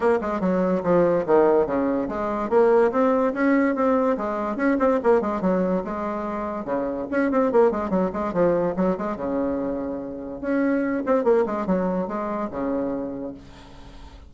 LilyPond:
\new Staff \with { instrumentName = "bassoon" } { \time 4/4 \tempo 4 = 144 ais8 gis8 fis4 f4 dis4 | cis4 gis4 ais4 c'4 | cis'4 c'4 gis4 cis'8 c'8 | ais8 gis8 fis4 gis2 |
cis4 cis'8 c'8 ais8 gis8 fis8 gis8 | f4 fis8 gis8 cis2~ | cis4 cis'4. c'8 ais8 gis8 | fis4 gis4 cis2 | }